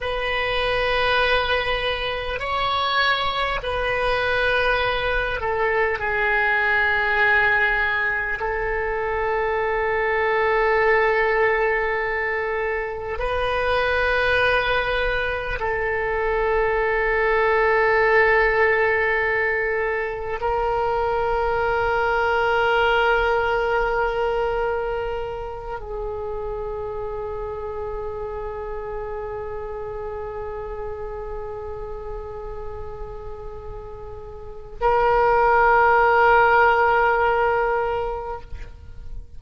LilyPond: \new Staff \with { instrumentName = "oboe" } { \time 4/4 \tempo 4 = 50 b'2 cis''4 b'4~ | b'8 a'8 gis'2 a'4~ | a'2. b'4~ | b'4 a'2.~ |
a'4 ais'2.~ | ais'4. gis'2~ gis'8~ | gis'1~ | gis'4 ais'2. | }